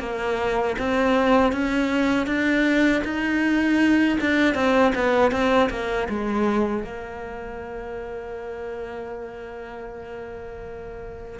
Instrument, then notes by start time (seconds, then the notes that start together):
cello
0.00 A#3
0.79 C4
1.52 C#4
2.26 D4
3.04 D#4
4.21 D4
4.55 C4
4.95 B3
5.31 C4
5.70 A#3
6.09 G#3
6.84 A#3